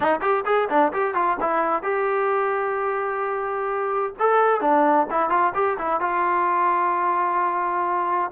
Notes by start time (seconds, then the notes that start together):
0.00 D#4
0.21 G4
0.45 G#4
0.69 D4
0.93 G4
1.14 F4
1.40 E4
1.83 G4
4.19 A4
4.60 D4
5.10 E4
5.29 F4
5.54 G4
5.78 E4
6.00 F4